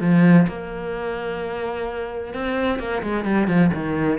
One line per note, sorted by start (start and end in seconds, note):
0.00 0.47 F3
0.48 2.34 A#3
2.34 2.79 C4
2.79 3.02 A#3
3.03 3.24 G#3
3.24 3.47 G3
3.47 3.71 F3
3.74 4.18 D#3